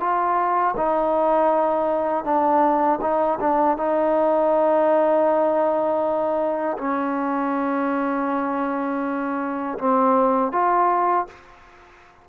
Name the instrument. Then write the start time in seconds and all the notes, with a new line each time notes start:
trombone
0.00 F4
0.77 D#4
2.25 D4
3.02 D#4
3.40 D4
3.77 D#4
6.78 C#4
9.79 C4
10.52 F4